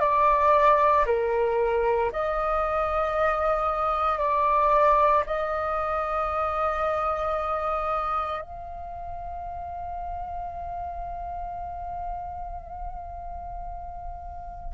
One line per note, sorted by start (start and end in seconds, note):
0.00 1.05 D5
1.06 2.11 A#4
2.12 4.19 D#5
4.19 5.24 D5
5.27 8.42 D#5
8.42 14.73 F5